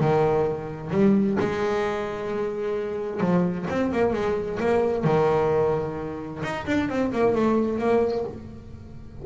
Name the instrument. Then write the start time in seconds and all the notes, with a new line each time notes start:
double bass
0.00 D#3
0.90 G3
1.39 G#3
3.20 F3
3.70 C4
3.92 A#3
4.13 G#3
4.59 A#3
5.04 D#3
6.43 D#4
6.66 D4
6.89 C4
7.12 A#3
7.35 A3
7.78 A#3